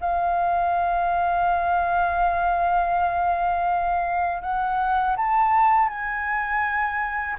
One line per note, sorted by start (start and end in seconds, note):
0.00 4.41 F5
4.41 5.15 F#5
5.16 5.88 A5
5.88 7.36 G#5